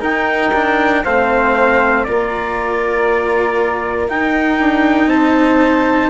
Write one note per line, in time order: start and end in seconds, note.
0.00 0.51 D#4
0.00 1.04 D#4
0.00 1.02 A#4
0.00 1.04 G5
0.53 1.04 D4
1.04 2.06 A3
1.04 2.07 C4
1.04 2.06 C5
1.04 2.04 F5
2.04 4.09 A#3
2.04 4.08 F4
2.04 5.09 A#4
2.04 4.07 D5
4.08 6.10 D#4
4.08 4.59 D#4
4.08 5.09 G5
4.59 5.06 D4
5.06 6.08 C4
5.06 6.10 C5
5.06 6.10 A5